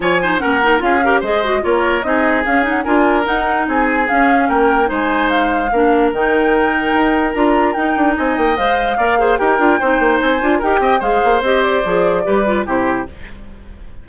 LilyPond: <<
  \new Staff \with { instrumentName = "flute" } { \time 4/4 \tempo 4 = 147 gis''4 fis''4 f''4 dis''4 | cis''4 dis''4 f''8 fis''8 gis''4 | fis''4 gis''4 f''4 g''4 | gis''4 f''2 g''4~ |
g''2 ais''4 g''4 | gis''8 g''8 f''2 g''4~ | g''4 gis''4 g''4 f''4 | dis''8 d''2~ d''8 c''4 | }
  \new Staff \with { instrumentName = "oboe" } { \time 4/4 cis''8 c''8 ais'4 gis'8 ais'8 c''4 | ais'4 gis'2 ais'4~ | ais'4 gis'2 ais'4 | c''2 ais'2~ |
ais'1 | dis''2 d''8 c''8 ais'4 | c''2 ais'8 dis''8 c''4~ | c''2 b'4 g'4 | }
  \new Staff \with { instrumentName = "clarinet" } { \time 4/4 f'8 dis'8 cis'8 dis'8 f'8 g'8 gis'8 fis'8 | f'4 dis'4 cis'8 dis'8 f'4 | dis'2 cis'2 | dis'2 d'4 dis'4~ |
dis'2 f'4 dis'4~ | dis'4 c''4 ais'8 gis'8 g'8 f'8 | dis'4. f'8 g'4 gis'4 | g'4 gis'4 g'8 f'8 e'4 | }
  \new Staff \with { instrumentName = "bassoon" } { \time 4/4 f4 ais4 cis'4 gis4 | ais4 c'4 cis'4 d'4 | dis'4 c'4 cis'4 ais4 | gis2 ais4 dis4~ |
dis4 dis'4 d'4 dis'8 d'8 | c'8 ais8 gis4 ais4 dis'8 d'8 | c'8 ais8 c'8 d'8 dis'8 c'8 gis8 ais8 | c'4 f4 g4 c4 | }
>>